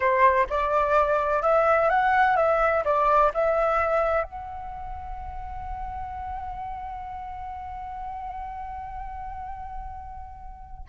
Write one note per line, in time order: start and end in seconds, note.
0.00 0.47 C5
0.49 1.42 D5
1.42 1.89 E5
1.89 2.36 F#5
2.36 2.83 E5
2.85 3.32 D5
3.34 4.23 E5
4.23 10.84 F#5